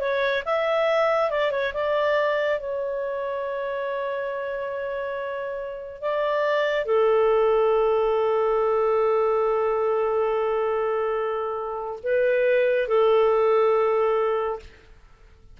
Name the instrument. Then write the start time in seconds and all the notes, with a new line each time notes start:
clarinet
0.00 C#5
0.45 E5
1.30 D5
1.51 C#5
1.73 D5
2.59 C#5
6.01 D5
6.85 A4
12.03 B4
12.88 A4